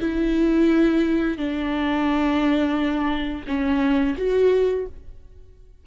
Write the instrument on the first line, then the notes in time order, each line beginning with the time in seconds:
viola
0.00 E4
1.38 D4
3.47 C#4
4.18 F#4